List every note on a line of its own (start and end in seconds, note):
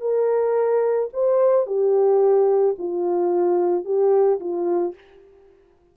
0.00 1.09 A#4
1.13 1.66 C5
1.66 2.75 G4
2.78 3.85 F4
3.85 4.39 G4
4.40 4.94 F4